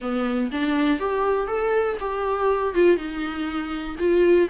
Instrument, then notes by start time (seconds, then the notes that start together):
viola
0.01 B3
0.51 D4
0.99 G4
1.47 A4
1.99 G4
2.74 F4
2.96 D#4
3.99 F4